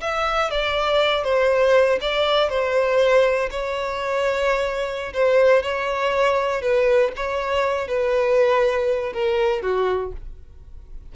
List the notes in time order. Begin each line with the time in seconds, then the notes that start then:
0.00 E5
0.50 D5
1.23 C5
2.00 D5
2.49 C5
3.50 C#5
5.13 C5
5.62 C#5
6.61 B4
7.16 C#5
7.88 B4
9.13 A#4
9.62 F#4